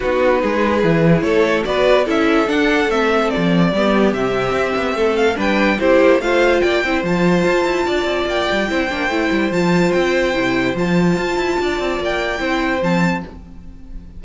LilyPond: <<
  \new Staff \with { instrumentName = "violin" } { \time 4/4 \tempo 4 = 145 b'2. cis''4 | d''4 e''4 fis''4 e''4 | d''2 e''2~ | e''8 f''8 g''4 c''4 f''4 |
g''4 a''2. | g''2. a''4 | g''2 a''2~ | a''4 g''2 a''4 | }
  \new Staff \with { instrumentName = "violin" } { \time 4/4 fis'4 gis'2 a'4 | b'4 a'2.~ | a'4 g'2. | a'4 b'4 g'4 c''4 |
d''8 c''2~ c''8 d''4~ | d''4 c''2.~ | c''1 | d''2 c''2 | }
  \new Staff \with { instrumentName = "viola" } { \time 4/4 dis'2 e'2 | fis'4 e'4 d'4 c'4~ | c'4 b4 c'2~ | c'4 d'4 e'4 f'4~ |
f'8 e'8 f'2.~ | f'4 e'8 d'8 e'4 f'4~ | f'4 e'4 f'2~ | f'2 e'4 c'4 | }
  \new Staff \with { instrumentName = "cello" } { \time 4/4 b4 gis4 e4 a4 | b4 cis'4 d'4 a4 | f4 g4 c4 c'8 b8 | a4 g4 c'8 ais8 a4 |
ais8 c'8 f4 f'8 e'8 d'8 c'8 | ais8 g8 c'8 ais8 a8 g8 f4 | c'4 c4 f4 f'8 e'8 | d'8 c'8 ais4 c'4 f4 | }
>>